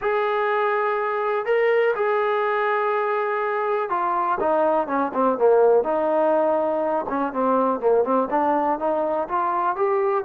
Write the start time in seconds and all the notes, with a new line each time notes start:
0.01 G#4
1.45 A#4
1.95 G#4
3.89 F4
4.39 D#4
4.87 C#4
5.13 C4
5.38 A#3
5.83 D#4
7.09 C#4
7.33 C4
7.79 A#3
8.04 C4
8.30 D4
8.79 D#4
9.28 F4
9.76 G4